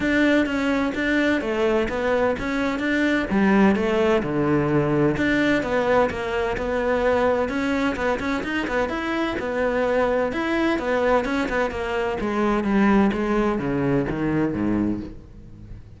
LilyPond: \new Staff \with { instrumentName = "cello" } { \time 4/4 \tempo 4 = 128 d'4 cis'4 d'4 a4 | b4 cis'4 d'4 g4 | a4 d2 d'4 | b4 ais4 b2 |
cis'4 b8 cis'8 dis'8 b8 e'4 | b2 e'4 b4 | cis'8 b8 ais4 gis4 g4 | gis4 cis4 dis4 gis,4 | }